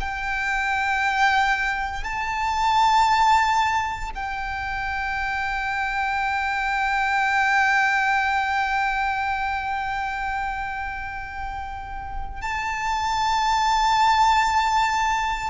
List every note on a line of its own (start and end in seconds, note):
0.00 2.04 G5
2.04 4.11 A5
4.15 12.41 G5
12.41 15.50 A5